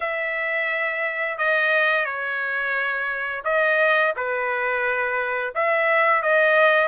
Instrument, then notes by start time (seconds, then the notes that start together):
trumpet
0.00 E5
1.38 D#5
2.05 C#5
3.44 D#5
4.16 B4
5.55 E5
6.22 D#5